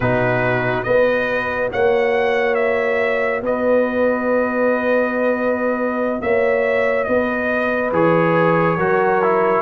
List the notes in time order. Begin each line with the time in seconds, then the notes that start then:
0.00 B2 D#4 F#4 B4
0.83 B3 F#4 B4 D#5
1.72 A#3 C#5 F#5
2.54 E5
3.41 B3 B4 D#5
6.21 A#3 C#5 E5
7.04 B3 B4 D#5
7.92 E3 G#4 C#5
8.77 F#3 F#4 A#4
9.22 E4